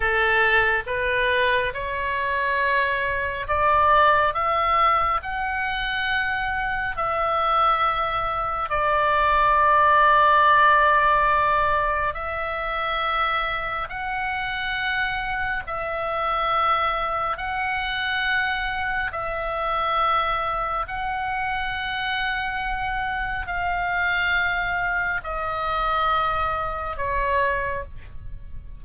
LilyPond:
\new Staff \with { instrumentName = "oboe" } { \time 4/4 \tempo 4 = 69 a'4 b'4 cis''2 | d''4 e''4 fis''2 | e''2 d''2~ | d''2 e''2 |
fis''2 e''2 | fis''2 e''2 | fis''2. f''4~ | f''4 dis''2 cis''4 | }